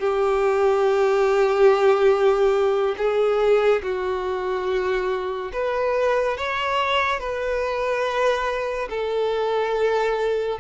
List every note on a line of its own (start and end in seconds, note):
0.00 2.96 G4
2.98 3.83 G#4
3.83 5.52 F#4
5.53 6.37 B4
6.37 7.20 C#5
7.20 8.89 B4
8.90 10.59 A4